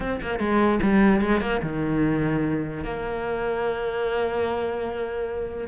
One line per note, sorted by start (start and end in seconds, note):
0.00 0.20 C4
0.21 0.39 A#3
0.39 0.79 G#3
0.82 1.21 G3
1.21 1.40 G#3
1.40 1.61 A#3
1.62 2.84 D#3
2.84 5.67 A#3